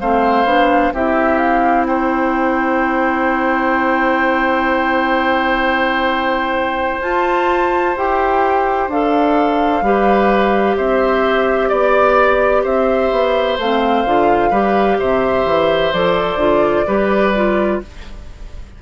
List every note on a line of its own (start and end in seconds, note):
0.00 0.45 A3
0.00 0.46 C4
0.00 0.94 C5
0.00 0.94 F5
0.45 0.92 B3
0.45 0.93 D4
0.92 7.01 C4
0.92 7.02 E4
0.92 1.87 G4
0.92 1.38 E5
1.38 1.85 F5
1.86 9.85 C5
1.86 7.02 G5
7.01 7.94 F4
7.01 7.96 F4
7.01 7.96 A5
7.96 8.88 E4
7.96 8.90 G4
7.96 8.90 G5
8.88 9.82 D4
8.88 9.85 A4
8.88 10.77 F5
9.82 10.75 G3
9.82 13.60 G4
9.82 10.77 B4
10.77 11.71 C4
10.77 11.69 C5
10.77 11.69 E5
11.69 12.64 B3
11.69 12.62 D5
11.69 12.63 D5
12.63 13.11 C4
12.63 14.50 C5
12.63 13.58 E5
13.11 13.58 B3
13.58 14.05 A3
13.58 14.06 C4
13.58 14.99 F5
14.05 14.51 D3
14.05 14.52 F4
14.50 14.98 G3
14.50 15.93 G4
14.50 14.97 B4
14.99 15.45 C3
14.99 16.86 C5
14.99 15.93 E5
15.45 15.92 E3
15.93 16.36 F3
15.93 16.39 A4
15.93 17.80 D5
16.36 16.83 D3
16.36 16.86 F4
16.86 17.81 G3
16.86 17.33 G4
16.86 17.80 B4
17.35 17.82 F4